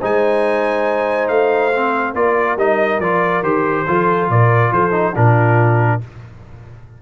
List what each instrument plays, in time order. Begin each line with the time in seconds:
0.00 tuba G#3, trombone D#4, horn C5, trumpet G#5
1.28 tuba A3, trumpet F5
1.76 trombone C4
2.14 tuba A#3, trombone F4, horn A#4, trumpet D5
2.57 tuba G3, trombone D#4, trumpet D#5
3.00 tuba F3, trombone F4, trumpet D5
3.43 tuba D#3, trombone G4, trumpet C5
3.88 tuba F3, trombone F4, horn A4
4.30 tuba A#2, horn A#4, trumpet D5
4.71 tuba F3, horn A4, trumpet C5
4.92 trombone D#4
5.14 tuba A#2, trombone D4, horn F4, trumpet A#4